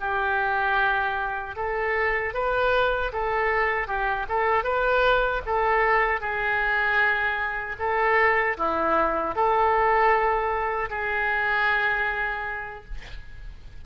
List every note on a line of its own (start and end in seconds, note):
0.00 1.56 G4
1.56 2.34 A4
2.34 3.12 B4
3.13 3.87 A4
3.87 4.26 G4
4.29 4.64 A4
4.64 5.42 B4
5.46 6.21 A4
6.21 7.76 G#4
7.79 8.57 A4
8.57 9.35 E4
9.36 10.90 A4
10.90 12.85 G#4